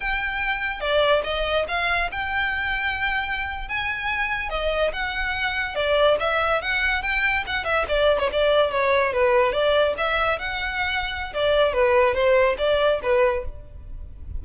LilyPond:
\new Staff \with { instrumentName = "violin" } { \time 4/4 \tempo 4 = 143 g''2 d''4 dis''4 | f''4 g''2.~ | g''8. gis''2 dis''4 fis''16~ | fis''4.~ fis''16 d''4 e''4 fis''16~ |
fis''8. g''4 fis''8 e''8 d''8. cis''16 d''16~ | d''8. cis''4 b'4 d''4 e''16~ | e''8. fis''2~ fis''16 d''4 | b'4 c''4 d''4 b'4 | }